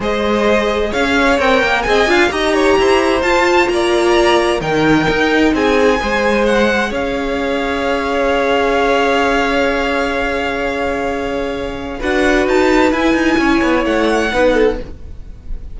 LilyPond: <<
  \new Staff \with { instrumentName = "violin" } { \time 4/4 \tempo 4 = 130 dis''2 f''4 g''4 | gis''4 ais''2 a''4 | ais''2 g''2 | gis''2 fis''4 f''4~ |
f''1~ | f''1~ | f''2 fis''4 a''4 | gis''2 fis''2 | }
  \new Staff \with { instrumentName = "violin" } { \time 4/4 c''2 cis''2 | dis''8 f''8 dis''8 cis''8 c''2 | d''2 ais'2 | gis'4 c''2 cis''4~ |
cis''1~ | cis''1~ | cis''2 b'2~ | b'4 cis''2 b'8 a'8 | }
  \new Staff \with { instrumentName = "viola" } { \time 4/4 gis'2. ais'4 | gis'8 f'8 g'2 f'4~ | f'2 dis'2~ | dis'4 gis'2.~ |
gis'1~ | gis'1~ | gis'2 fis'2 | e'2. dis'4 | }
  \new Staff \with { instrumentName = "cello" } { \time 4/4 gis2 cis'4 c'8 ais8 | c'8 d'8 dis'4 e'4 f'4 | ais2 dis4 dis'4 | c'4 gis2 cis'4~ |
cis'1~ | cis'1~ | cis'2 d'4 dis'4 | e'8 dis'8 cis'8 b8 a4 b4 | }
>>